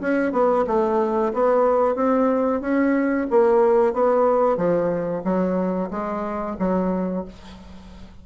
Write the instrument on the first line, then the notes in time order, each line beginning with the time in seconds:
bassoon
0.00 C#4
0.32 B3
0.67 A3
1.33 B3
1.95 C4
2.61 C#4
3.30 A#3
3.93 B3
4.56 F3
5.24 F#3
5.90 G#3
6.58 F#3